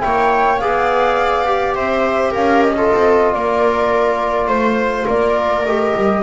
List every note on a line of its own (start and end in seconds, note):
0.00 0.61 A#3
0.00 0.58 E4
0.00 0.61 C#5
0.00 0.58 G5
0.58 1.76 B3
0.58 1.45 G#4
0.58 1.75 D5
0.58 1.74 F5
1.45 2.75 G4
1.74 2.34 C4
1.74 2.31 C5
1.74 2.32 E5
2.31 2.91 C#4
2.31 2.74 A#4
2.31 2.62 F5
2.62 3.33 D#5
2.76 5.65 F4
2.76 3.34 A4
2.93 3.34 C4
3.33 4.47 A#3
3.33 4.48 A#4
3.33 4.48 D5
4.47 5.04 A3
4.47 5.05 C5
4.47 5.06 C5
5.05 5.65 A#3
5.05 6.21 A#4
5.05 5.66 D5
5.65 5.94 A3
5.65 6.22 G4
5.65 6.22 D#5
5.96 6.22 G3